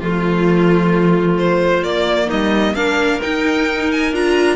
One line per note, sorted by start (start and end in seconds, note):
0.00 1.83 F3
0.00 1.86 A3
0.00 1.37 F4
0.00 2.27 F4
1.39 1.84 C5
1.83 2.29 A#3
1.83 2.76 A#3
1.83 2.30 D5
2.27 2.72 D#4
2.27 2.75 D#5
2.33 2.74 G3
2.74 3.20 A#3
2.74 3.22 D4
2.74 4.57 A#4
2.74 3.21 F5
3.22 4.14 D#4
3.22 4.13 D#4
3.22 3.91 G5
3.92 4.15 G#5
4.13 4.57 D4
4.13 4.57 F4
4.13 4.57 A#5